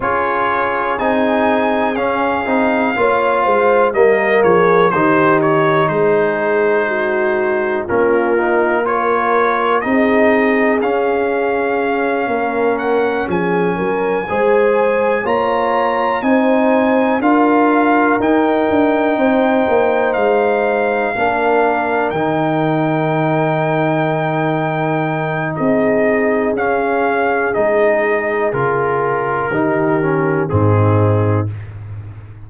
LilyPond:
<<
  \new Staff \with { instrumentName = "trumpet" } { \time 4/4 \tempo 4 = 61 cis''4 gis''4 f''2 | dis''8 cis''8 c''8 cis''8 c''2 | ais'4 cis''4 dis''4 f''4~ | f''4 fis''8 gis''2 ais''8~ |
ais''8 gis''4 f''4 g''4.~ | g''8 f''2 g''4.~ | g''2 dis''4 f''4 | dis''4 ais'2 gis'4 | }
  \new Staff \with { instrumentName = "horn" } { \time 4/4 gis'2. cis''8 c''8 | ais'8 gis'8 g'4 gis'4 fis'4 | f'4 ais'4 gis'2~ | gis'8 ais'4 gis'8 ais'8 c''4 cis''8~ |
cis''8 c''4 ais'2 c''8~ | c''4. ais'2~ ais'8~ | ais'2 gis'2~ | gis'2 g'4 dis'4 | }
  \new Staff \with { instrumentName = "trombone" } { \time 4/4 f'4 dis'4 cis'8 dis'8 f'4 | ais4 dis'2. | cis'8 dis'8 f'4 dis'4 cis'4~ | cis'2~ cis'8 gis'4 f'8~ |
f'8 dis'4 f'4 dis'4.~ | dis'4. d'4 dis'4.~ | dis'2. cis'4 | dis'4 f'4 dis'8 cis'8 c'4 | }
  \new Staff \with { instrumentName = "tuba" } { \time 4/4 cis'4 c'4 cis'8 c'8 ais8 gis8 | g8 f8 dis4 gis2 | ais2 c'4 cis'4~ | cis'8 ais4 f8 fis8 gis4 ais8~ |
ais8 c'4 d'4 dis'8 d'8 c'8 | ais8 gis4 ais4 dis4.~ | dis2 c'4 cis'4 | gis4 cis4 dis4 gis,4 | }
>>